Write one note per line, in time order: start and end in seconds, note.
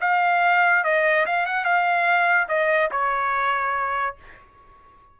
0.00 0.83 F5
0.84 1.25 D#5
1.25 1.46 F5
1.46 1.64 F#5
1.64 2.47 F5
2.48 2.90 D#5
2.91 4.16 C#5